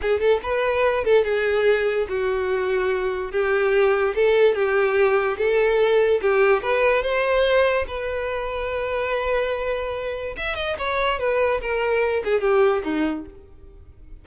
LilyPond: \new Staff \with { instrumentName = "violin" } { \time 4/4 \tempo 4 = 145 gis'8 a'8 b'4. a'8 gis'4~ | gis'4 fis'2. | g'2 a'4 g'4~ | g'4 a'2 g'4 |
b'4 c''2 b'4~ | b'1~ | b'4 e''8 dis''8 cis''4 b'4 | ais'4. gis'8 g'4 dis'4 | }